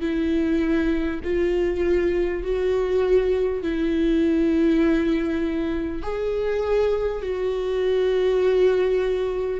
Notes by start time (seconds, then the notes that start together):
0.00 E4
1.23 F4
2.43 F#4
3.62 E4
6.02 G#4
7.22 F#4